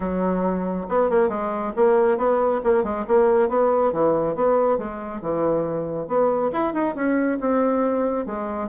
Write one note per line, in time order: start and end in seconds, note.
0.00 0.87 F#3
0.89 1.10 B3
1.10 1.28 A#3
1.28 1.72 G#3
1.76 2.17 A#3
2.17 2.60 B3
2.63 2.83 A#3
2.83 3.05 G#3
3.07 3.48 A#3
3.48 3.92 B3
3.92 4.35 E3
4.35 4.77 B3
4.77 5.21 G#3
5.21 6.07 E3
6.07 6.51 B3
6.52 6.73 E4
6.73 6.95 D#4
6.95 7.38 C#4
7.40 8.25 C4
8.25 8.69 G#3